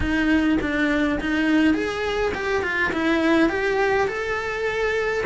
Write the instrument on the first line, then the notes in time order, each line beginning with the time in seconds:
cello
0.00 D#4
0.61 D4
1.20 D#4
1.73 G#4
2.34 G4
2.62 F4
2.92 E4
3.49 G4
4.07 A4